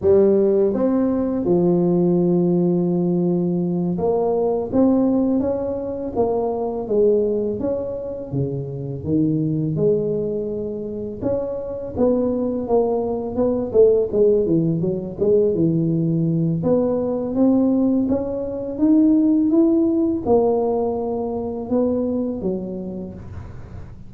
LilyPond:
\new Staff \with { instrumentName = "tuba" } { \time 4/4 \tempo 4 = 83 g4 c'4 f2~ | f4. ais4 c'4 cis'8~ | cis'8 ais4 gis4 cis'4 cis8~ | cis8 dis4 gis2 cis'8~ |
cis'8 b4 ais4 b8 a8 gis8 | e8 fis8 gis8 e4. b4 | c'4 cis'4 dis'4 e'4 | ais2 b4 fis4 | }